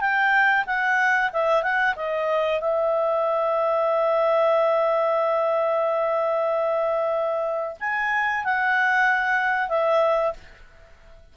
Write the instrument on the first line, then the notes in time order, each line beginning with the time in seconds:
clarinet
0.00 G5
0.66 F#5
1.32 E5
1.62 F#5
1.96 D#5
2.60 E5
7.79 G#5
8.44 F#5
9.69 E5